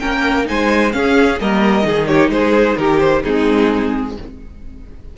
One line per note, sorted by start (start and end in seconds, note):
0.00 0.50 A#3
0.00 0.45 C#4
0.00 0.48 A#4
0.00 0.46 G5
0.45 0.94 G#3
0.45 0.91 D#4
0.45 0.96 C5
0.45 0.92 G#5
0.92 1.38 C#4
0.92 1.40 C#4
0.92 1.42 G#4
0.92 1.39 F5
1.40 1.85 G3
1.40 1.83 A#3
1.40 1.87 A#4
1.40 2.07 D#5
1.83 2.30 D#3
1.83 3.22 D#4
1.83 2.08 G#4
2.07 2.31 G4
2.07 2.30 C#5
2.30 2.76 G#3
2.30 2.79 G#4
2.30 2.77 C5
2.77 3.24 D#3
2.77 3.24 G4
2.77 3.00 A#4
3.00 3.23 C5
3.24 4.18 G#3
3.24 4.17 C4
3.24 4.16 D#4
3.24 4.17 G#4